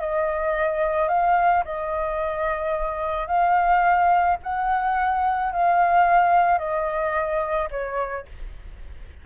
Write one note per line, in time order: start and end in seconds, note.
0.00 1.08 D#5
1.08 1.63 F5
1.64 3.27 D#5
3.27 4.37 F5
4.43 5.52 F#5
5.52 6.58 F5
6.58 7.68 D#5
7.71 8.26 C#5